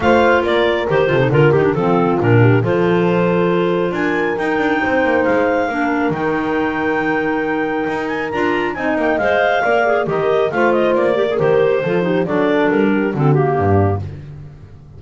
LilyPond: <<
  \new Staff \with { instrumentName = "clarinet" } { \time 4/4 \tempo 4 = 137 f''4 d''4 c''4 ais'8 g'8 | a'4 ais'4 c''2~ | c''4 gis''4 g''2 | f''2 g''2~ |
g''2~ g''8 gis''8 ais''4 | gis''8 g''8 f''2 dis''4 | f''8 dis''8 d''4 c''2 | d''4 ais'4 a'8 g'4. | }
  \new Staff \with { instrumentName = "horn" } { \time 4/4 c''4 ais'4. a'8 ais'4 | f'4. g'8 a'2~ | a'4 ais'2 c''4~ | c''4 ais'2.~ |
ais'1 | dis''2 d''4 ais'4 | c''4. ais'4. a'8 g'8 | a'4. g'8 fis'4 d'4 | }
  \new Staff \with { instrumentName = "clarinet" } { \time 4/4 f'2 g'8 f'16 dis'16 f'8 dis'16 d'16 | c'4 d'4 f'2~ | f'2 dis'2~ | dis'4 d'4 dis'2~ |
dis'2. f'4 | dis'4 c''4 ais'8 gis'8 g'4 | f'4. g'16 gis'16 g'4 f'8 dis'8 | d'2 c'8 ais4. | }
  \new Staff \with { instrumentName = "double bass" } { \time 4/4 a4 ais4 dis8 c8 d8 dis8 | f4 ais,4 f2~ | f4 d'4 dis'8 d'8 c'8 ais8 | gis4 ais4 dis2~ |
dis2 dis'4 d'4 | c'8 ais8 gis4 ais4 dis4 | a4 ais4 dis4 f4 | fis4 g4 d4 g,4 | }
>>